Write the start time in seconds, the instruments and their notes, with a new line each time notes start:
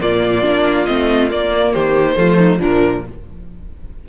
0.00 cello A#2, viola A#3, violin F4 D5
0.42 cello A#3, viola D4
0.85 cello A3, viola C4, violin D#5
1.30 viola A#3, cello A#3, violin D5
1.72 cello D#3, violin G4 C5
2.16 cello F3, viola A3, violin F4
2.37 violin D#4
2.59 viola F3, violin D4 A#4
2.65 cello A#2